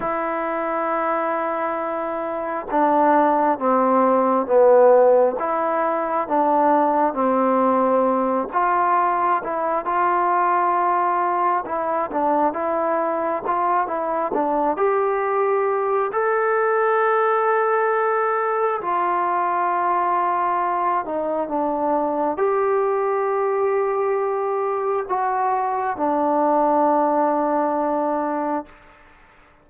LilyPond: \new Staff \with { instrumentName = "trombone" } { \time 4/4 \tempo 4 = 67 e'2. d'4 | c'4 b4 e'4 d'4 | c'4. f'4 e'8 f'4~ | f'4 e'8 d'8 e'4 f'8 e'8 |
d'8 g'4. a'2~ | a'4 f'2~ f'8 dis'8 | d'4 g'2. | fis'4 d'2. | }